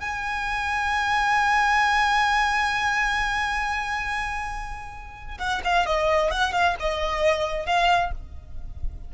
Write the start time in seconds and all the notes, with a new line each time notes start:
0.00 G#5
5.39 F#5
5.64 F5
5.86 D#5
6.31 F#5
6.52 F5
6.80 D#5
7.66 F5